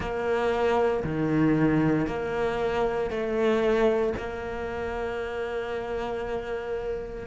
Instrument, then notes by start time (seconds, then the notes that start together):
cello
0.00 A#3
1.03 D#3
2.06 A#3
3.10 A3
4.17 A#3